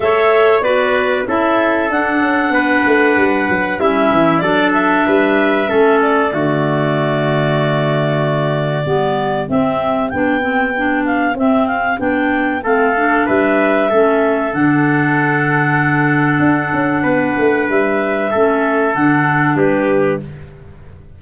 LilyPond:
<<
  \new Staff \with { instrumentName = "clarinet" } { \time 4/4 \tempo 4 = 95 e''4 d''4 e''4 fis''4~ | fis''2 e''4 d''8 e''8~ | e''4. d''2~ d''8~ | d''2. e''4 |
g''4. f''8 e''8 f''8 g''4 | f''4 e''2 fis''4~ | fis''1 | e''2 fis''4 b'4 | }
  \new Staff \with { instrumentName = "trumpet" } { \time 4/4 cis''4 b'4 a'2 | b'2 e'4 a'4 | b'4 a'4 fis'2~ | fis'2 g'2~ |
g'1 | a'4 b'4 a'2~ | a'2. b'4~ | b'4 a'2 g'4 | }
  \new Staff \with { instrumentName = "clarinet" } { \time 4/4 a'4 fis'4 e'4 d'4~ | d'2 cis'4 d'4~ | d'4 cis'4 a2~ | a2 b4 c'4 |
d'8 c'8 d'4 c'4 d'4 | c'8 d'4. cis'4 d'4~ | d'1~ | d'4 cis'4 d'2 | }
  \new Staff \with { instrumentName = "tuba" } { \time 4/4 a4 b4 cis'4 d'8 cis'8 | b8 a8 g8 fis8 g8 e8 fis4 | g4 a4 d2~ | d2 g4 c'4 |
b2 c'4 b4 | a4 g4 a4 d4~ | d2 d'8 cis'8 b8 a8 | g4 a4 d4 g4 | }
>>